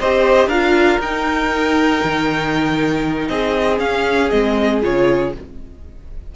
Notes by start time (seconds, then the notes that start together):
0.00 C4 G4 C5 D#5
0.47 D4 F4 A#4 F5
0.99 D#4 G5
2.03 D#3
3.28 C4 G#4 D#5
3.77 C#4 F5
4.30 G#3 C4 D#5
4.82 C#3 F4 C#5